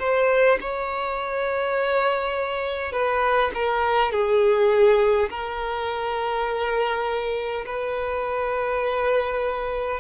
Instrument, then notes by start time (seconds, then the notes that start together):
violin
0.00 C5
0.61 C#5
2.93 B4
3.55 A#4
4.12 G#4
5.30 A#4
7.66 B4